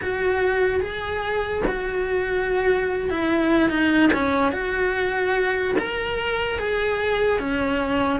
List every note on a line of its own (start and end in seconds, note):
0.01 0.80 F#4
0.80 1.62 G#4
1.67 3.10 F#4
3.10 3.69 E4
3.69 4.10 D#4
4.13 4.52 C#4
4.52 5.75 F#4
5.78 6.59 A#4
6.59 7.39 G#4
7.39 8.20 C#4